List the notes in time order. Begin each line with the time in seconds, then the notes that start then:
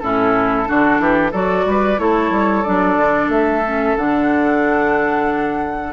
0.00 A2 C#4 E4 A4
0.66 D3 D4 F#4
0.99 E3 G4
1.31 F#3 F#4 A4 D5
1.66 G3 B4
1.98 A3 E4 A4 C#5
2.30 G3
2.63 F#3 D4 D5
2.97 D3
3.29 A3 E5
3.66 C#4
3.97 D3 D4 F#5